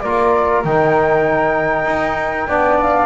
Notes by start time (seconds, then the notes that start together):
0.00 A#3 F4 A#4 D5
0.64 D#3 D#4 G5
1.85 D#4
2.47 B3 D4 D5
2.79 F5